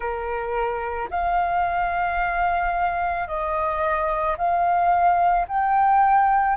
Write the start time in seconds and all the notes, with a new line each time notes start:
0.00 A#4
1.10 F5
3.27 D#5
4.37 F5
5.47 G5